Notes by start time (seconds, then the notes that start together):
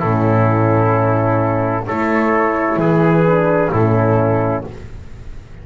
0.00 A2 C#4 E4 A4
1.87 A3 E4 A4 C#5
2.77 E3 G#4 B4
3.27 D4
3.72 A2 C#4 E4 A4